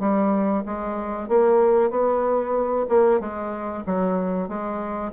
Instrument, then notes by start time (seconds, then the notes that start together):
bassoon
0.00 G3
0.66 G#3
1.29 A#3
1.91 B3
2.89 A#3
3.21 G#3
3.86 F#3
4.49 G#3